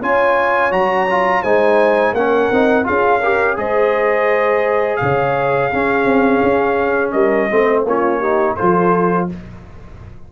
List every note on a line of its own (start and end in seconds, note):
0.00 0.72 C#4
0.00 0.71 F4
0.00 1.43 C#5
0.00 0.72 G#5
0.71 1.43 F#3
0.71 1.07 F#4
0.71 1.43 A#5
1.10 1.44 F4
1.43 2.13 G#3
1.43 2.16 D#4
1.43 2.14 C5
1.43 2.14 G#5
2.13 2.49 A#3
2.13 2.53 C#4
2.13 2.86 A#4
2.13 2.86 F#5
2.51 2.87 C4
2.51 2.84 D#4
2.84 3.58 C#4
2.84 3.20 F4
2.84 3.20 G#4
2.84 3.58 F5
3.20 3.57 G4
3.20 3.55 A#4
3.57 5.00 G#3
3.57 5.71 G#4
3.57 5.02 C5
3.57 4.97 D#5
4.97 5.73 C#3
4.97 7.11 F5
5.03 5.70 C#5
5.70 6.05 C#4
5.70 7.51 C#4
5.70 7.13 G#4
6.05 6.41 C4
6.43 7.14 C#4
7.11 7.50 G3
7.11 7.49 A#4
7.11 7.83 D#5
7.51 7.85 A3
7.51 7.86 C4
7.51 7.87 C5
7.85 8.56 A#3
7.85 8.22 C#4
7.85 8.19 F4
7.85 8.56 C#5
8.19 8.58 D#4
8.19 8.55 G4
8.56 9.33 F3
8.56 9.29 F4
8.56 9.28 A4
8.56 9.28 C5